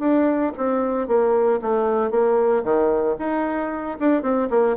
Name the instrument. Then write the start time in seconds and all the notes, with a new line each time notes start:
bassoon
0.00 D4
0.57 C4
1.08 A#3
1.62 A3
2.11 A#3
2.64 D#3
3.19 D#4
4.00 D4
4.23 C4
4.50 A#3